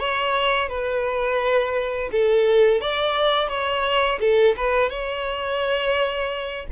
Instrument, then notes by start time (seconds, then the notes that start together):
violin
0.00 C#5
0.69 B4
2.12 A4
2.81 D5
3.49 C#5
4.21 A4
4.57 B4
4.90 C#5